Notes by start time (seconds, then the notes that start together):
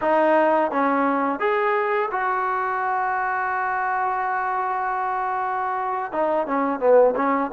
0.01 D#4
0.71 C#4
1.39 G#4
2.11 F#4
6.12 D#4
6.46 C#4
6.79 B3
7.15 C#4